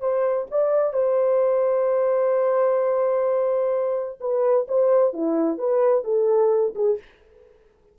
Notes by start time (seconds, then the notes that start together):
0.00 C5
0.51 D5
0.93 C5
4.20 B4
4.68 C5
5.13 E4
5.58 B4
6.04 A4
6.75 G#4